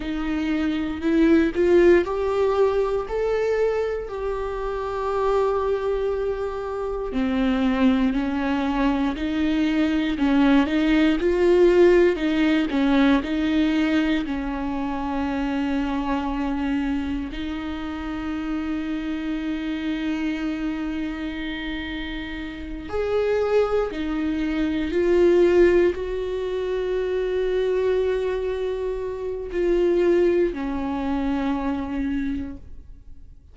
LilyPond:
\new Staff \with { instrumentName = "viola" } { \time 4/4 \tempo 4 = 59 dis'4 e'8 f'8 g'4 a'4 | g'2. c'4 | cis'4 dis'4 cis'8 dis'8 f'4 | dis'8 cis'8 dis'4 cis'2~ |
cis'4 dis'2.~ | dis'2~ dis'8 gis'4 dis'8~ | dis'8 f'4 fis'2~ fis'8~ | fis'4 f'4 cis'2 | }